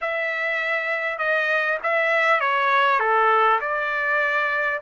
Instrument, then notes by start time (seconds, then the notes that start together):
trumpet
0.01 E5
1.18 D#5
1.83 E5
2.40 C#5
2.99 A4
3.61 D5